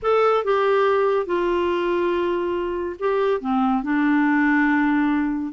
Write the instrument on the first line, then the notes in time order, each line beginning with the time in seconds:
clarinet
0.02 A4
0.44 G4
1.26 F4
2.99 G4
3.40 C4
3.83 D4